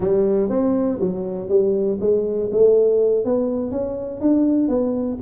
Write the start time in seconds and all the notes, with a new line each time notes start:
0.00 G3
0.49 C4
1.00 F#3
1.49 G3
2.00 G#3
2.52 A3
3.25 B3
3.71 C#4
4.20 D4
4.68 B3